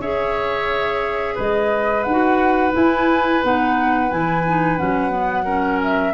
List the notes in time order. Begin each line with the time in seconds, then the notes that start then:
0.00 C#4 G#4 C#5 E5
1.35 G#3 B4 D#5
2.03 D#4 F#5
2.10 F#4
2.71 E4 G#5
3.43 B3 D#4 F#5
4.11 E3 E4 G#5
4.47 D#4
4.77 F#3 C#4 F#5
5.10 B3
5.45 C#4 A#4
5.84 E5